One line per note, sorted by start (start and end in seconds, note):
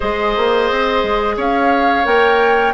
0.00 0.36 G#3
0.00 2.04 G#4
0.00 1.35 C5
0.00 1.36 D#5
0.36 0.70 A#3
0.70 1.03 C4
1.03 1.37 G#3
1.36 2.05 C#4
1.36 2.74 C#5
1.36 2.05 F5
2.04 2.74 A#3
2.04 2.73 A#4
2.04 2.74 G5